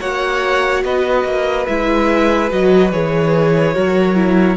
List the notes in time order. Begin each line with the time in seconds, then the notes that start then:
0.00 A#3 F#4 C#5 F#5
0.84 B3 B4 D#5
1.24 A#3
1.66 G#3 E4 E5
2.50 F#3 F#4 D#5
2.92 E3 G#4 C#5
3.74 F#3 F#4 A#4
4.16 E4